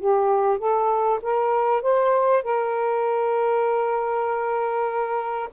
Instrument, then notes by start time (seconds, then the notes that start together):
saxophone
0.00 G4
0.59 A4
1.22 A#4
1.83 C5
2.44 A#4